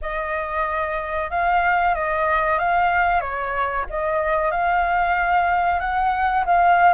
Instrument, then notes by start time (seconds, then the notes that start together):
flute
0.01 D#5
1.30 F5
1.94 D#5
2.58 F5
3.20 C#5
3.89 D#5
4.51 F5
5.79 F#5
6.45 F5